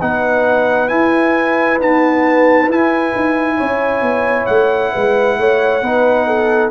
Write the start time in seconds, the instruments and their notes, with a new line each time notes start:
0.00 tuba B3, trombone D#4, horn B4, trumpet F#5
0.88 trombone E4, tuba E4, trumpet G#5
1.79 trombone B3, tuba D#4, trumpet A5
2.68 tuba E4, trombone E4, trumpet G#5
3.16 tuba D#4
3.57 tuba C#4, horn C#5
4.02 tuba B3
4.46 tuba A3, trumpet F#5
4.92 tuba G#3, horn B4
5.38 tuba A3, horn C#5
5.82 tuba B3, trombone D#4, horn B4
6.27 horn A4